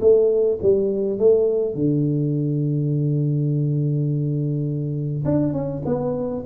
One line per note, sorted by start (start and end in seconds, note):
0.00 0.58 A3
0.62 1.18 G3
1.18 1.74 A3
1.74 5.24 D3
5.25 5.53 D4
5.53 5.82 C#4
5.85 6.43 B3